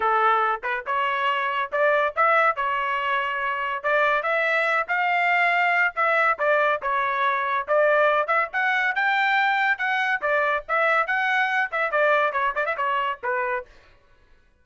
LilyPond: \new Staff \with { instrumentName = "trumpet" } { \time 4/4 \tempo 4 = 141 a'4. b'8 cis''2 | d''4 e''4 cis''2~ | cis''4 d''4 e''4. f''8~ | f''2 e''4 d''4 |
cis''2 d''4. e''8 | fis''4 g''2 fis''4 | d''4 e''4 fis''4. e''8 | d''4 cis''8 d''16 e''16 cis''4 b'4 | }